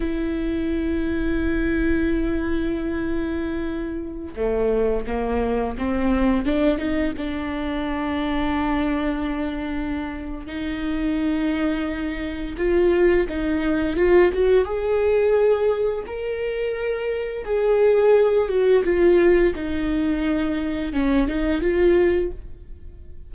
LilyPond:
\new Staff \with { instrumentName = "viola" } { \time 4/4 \tempo 4 = 86 e'1~ | e'2~ e'16 a4 ais8.~ | ais16 c'4 d'8 dis'8 d'4.~ d'16~ | d'2. dis'4~ |
dis'2 f'4 dis'4 | f'8 fis'8 gis'2 ais'4~ | ais'4 gis'4. fis'8 f'4 | dis'2 cis'8 dis'8 f'4 | }